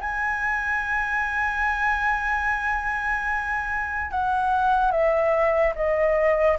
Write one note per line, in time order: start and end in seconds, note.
0.00 4.11 G#5
4.11 4.91 F#5
4.91 5.73 E5
5.75 6.58 D#5